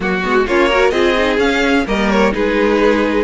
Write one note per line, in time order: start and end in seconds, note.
0.00 0.23 F#3
0.00 0.22 A#3
0.00 0.47 F#4
0.22 0.47 G#3
0.22 0.46 B3
0.47 0.91 A#3
0.47 0.71 C#4
0.47 0.69 F4
0.47 0.89 C#5
0.69 0.92 F#4
0.69 0.91 A#4
0.89 1.37 C4
0.89 1.15 F4
0.89 1.84 G#4
0.89 1.36 D#5
1.17 1.38 D#4
1.37 1.84 C#4
1.37 1.85 C#4
1.37 1.86 F5
1.86 2.33 G3
1.86 2.32 A#3
1.86 2.33 A#4
1.86 2.09 D#5
2.09 2.33 C#5
2.32 3.23 G#3
2.32 3.23 D#4
2.32 3.23 G#4
2.32 3.23 B4